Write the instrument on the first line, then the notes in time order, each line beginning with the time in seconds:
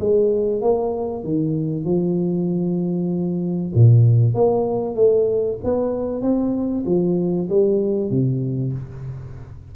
tuba
0.00 G#3
0.62 A#3
1.24 D#3
1.85 F3
3.75 A#2
4.34 A#3
4.95 A3
5.64 B3
6.22 C4
6.86 F3
7.49 G3
8.10 C3